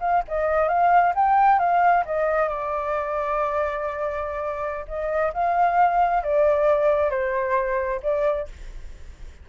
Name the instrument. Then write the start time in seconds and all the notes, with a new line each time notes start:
flute
0.00 F5
0.27 D#5
0.68 F5
1.15 G5
1.59 F5
2.05 D#5
2.48 D5
4.87 D#5
5.33 F5
6.23 D5
7.10 C5
8.02 D5